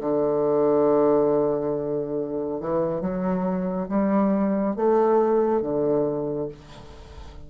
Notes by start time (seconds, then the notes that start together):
0.00 D3
2.60 E3
3.00 F#3
3.89 G3
4.75 A3
5.61 D3